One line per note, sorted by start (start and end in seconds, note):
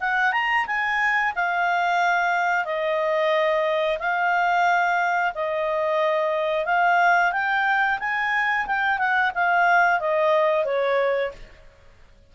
0.00 0.32 F#5
0.32 0.65 A#5
0.66 1.33 G#5
1.35 2.65 F5
2.65 3.98 D#5
3.99 5.32 F5
5.34 6.65 D#5
6.65 7.32 F5
7.32 7.98 G5
7.99 8.66 G#5
8.66 8.98 G5
8.98 9.31 F#5
9.34 10.00 F5
10.00 10.65 D#5
10.65 11.31 C#5